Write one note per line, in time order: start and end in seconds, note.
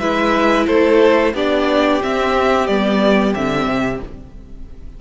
0.00 0.67 G#3
0.00 1.35 E4
0.00 0.67 B4
0.00 0.67 E5
0.67 1.34 A3
0.67 1.34 A4
0.67 1.34 C5
1.34 2.01 B3
1.34 2.02 D4
1.34 4.01 G4
1.34 2.03 D5
2.02 2.68 C4
2.02 2.67 E5
2.67 3.35 G3
2.67 3.35 B3
2.67 3.34 D5
3.35 3.67 D3
3.35 4.02 C4
3.35 4.02 E5
3.67 4.00 C3